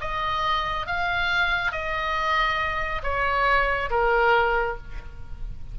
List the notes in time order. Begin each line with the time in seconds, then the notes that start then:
0.00 D#5
0.86 F5
1.71 D#5
3.02 C#5
3.90 A#4